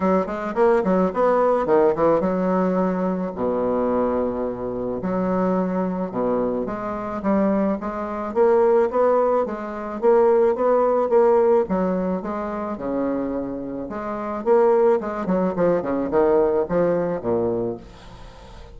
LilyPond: \new Staff \with { instrumentName = "bassoon" } { \time 4/4 \tempo 4 = 108 fis8 gis8 ais8 fis8 b4 dis8 e8 | fis2 b,2~ | b,4 fis2 b,4 | gis4 g4 gis4 ais4 |
b4 gis4 ais4 b4 | ais4 fis4 gis4 cis4~ | cis4 gis4 ais4 gis8 fis8 | f8 cis8 dis4 f4 ais,4 | }